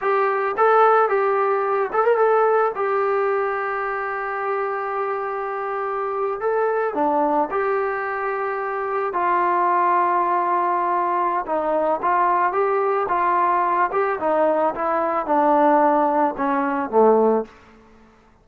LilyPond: \new Staff \with { instrumentName = "trombone" } { \time 4/4 \tempo 4 = 110 g'4 a'4 g'4. a'16 ais'16 | a'4 g'2.~ | g'2.~ g'8. a'16~ | a'8. d'4 g'2~ g'16~ |
g'8. f'2.~ f'16~ | f'4 dis'4 f'4 g'4 | f'4. g'8 dis'4 e'4 | d'2 cis'4 a4 | }